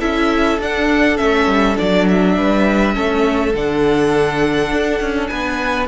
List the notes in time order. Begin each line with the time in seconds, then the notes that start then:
0.00 C#4 E4 A4 E5
0.59 D4 F#5
1.17 A3 C#4 E5
1.47 G3
1.77 F#3 D4 D5
2.09 E5
2.38 G3 B4
2.94 A3 C#4 A4
3.55 D3 D4 F#5
4.72 D4
5.01 C#4
5.27 B3 B4 G#5